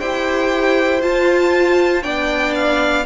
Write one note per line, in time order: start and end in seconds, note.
0.00 1.03 E4
0.00 1.01 G4
0.00 2.03 C5
0.00 1.02 G5
1.01 2.03 F4
1.01 2.04 F4
1.01 2.03 A5
2.03 3.06 B3
2.03 3.04 D4
2.03 3.04 D5
2.03 2.54 G5
2.55 3.06 F5